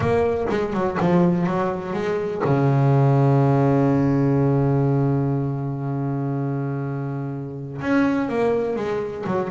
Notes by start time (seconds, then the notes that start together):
0.00 A#3
0.49 G#3
0.73 F#3
1.00 F3
1.46 F#3
1.93 G#3
2.44 C#3
7.81 C#4
8.29 A#3
8.76 G#3
9.26 F#3